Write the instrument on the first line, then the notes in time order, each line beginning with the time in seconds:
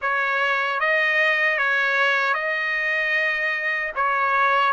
trumpet
0.01 C#5
0.79 D#5
1.58 C#5
2.34 D#5
3.95 C#5